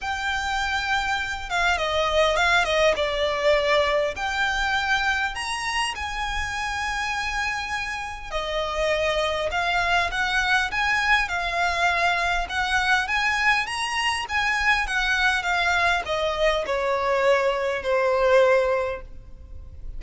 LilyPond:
\new Staff \with { instrumentName = "violin" } { \time 4/4 \tempo 4 = 101 g''2~ g''8 f''8 dis''4 | f''8 dis''8 d''2 g''4~ | g''4 ais''4 gis''2~ | gis''2 dis''2 |
f''4 fis''4 gis''4 f''4~ | f''4 fis''4 gis''4 ais''4 | gis''4 fis''4 f''4 dis''4 | cis''2 c''2 | }